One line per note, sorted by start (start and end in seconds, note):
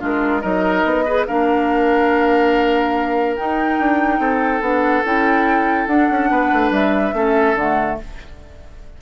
0.00 0.44 G#3
0.00 0.42 D4
0.00 0.42 F4
0.00 0.42 A#4
0.42 0.85 F#3
0.42 1.05 D#4
0.42 1.05 A#4
0.42 1.26 D#5
0.85 1.27 B3
1.06 1.28 G#4
1.06 1.27 B4
1.27 3.39 A#3
1.27 3.38 D4
1.27 4.21 A#4
1.27 3.37 F5
3.37 4.62 D#4
3.37 3.80 D#4
3.37 4.62 G5
3.80 4.19 D4
4.19 4.61 C4
4.19 6.30 A4
4.61 5.03 B3
4.61 5.04 D4
4.61 5.04 F#5
5.05 5.87 C#4
5.05 5.89 E4
5.05 5.87 G5
5.87 6.08 D4
5.87 7.15 D4
5.87 6.71 F#5
6.11 6.31 C#4
6.31 6.52 B3
6.31 7.15 B4
6.53 6.71 A3
6.71 7.13 G3
6.71 7.57 E5
7.13 7.55 A3
7.13 7.57 C#4
7.13 8.00 A4
7.55 7.97 D3
7.55 8.02 A3
7.55 7.99 F#5